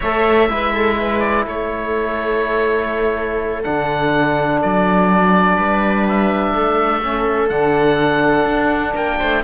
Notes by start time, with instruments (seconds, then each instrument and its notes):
0.00 cello A3, trombone A4, viola C#5, oboe E5
0.49 cello G#3, trombone E4, viola B4
0.73 viola A4
0.98 viola B4
1.19 oboe D5
1.45 cello A3, viola A4, oboe C#5
3.63 cello D3, trombone D4, oboe F#5
4.62 cello F#3, oboe D5
5.56 cello G3, viola B4
6.08 oboe E5
6.53 cello A3, viola A4
7.03 trombone C#4
7.48 cello D3, trombone D4, oboe F#5
8.45 cello D4
8.94 cello A#3, viola A#4, oboe G5
9.18 cello A3, viola C5